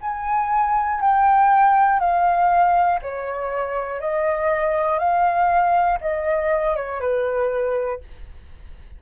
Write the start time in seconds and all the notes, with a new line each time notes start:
0.00 G#5
1.00 G5
1.99 F5
3.01 C#5
4.00 D#5
4.99 F5
6.00 D#5
6.75 C#5
7.00 B4